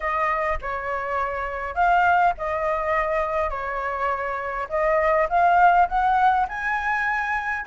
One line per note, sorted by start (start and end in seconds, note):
0.00 0.59 D#5
0.61 1.75 C#5
1.75 2.33 F5
2.37 3.49 D#5
3.49 4.67 C#5
4.69 5.28 D#5
5.29 5.88 F5
5.88 6.47 F#5
6.48 7.66 G#5